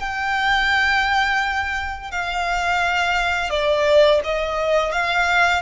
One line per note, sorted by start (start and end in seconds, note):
0.00 2.11 G5
2.11 3.50 F5
3.50 4.21 D5
4.24 4.93 D#5
4.93 5.62 F5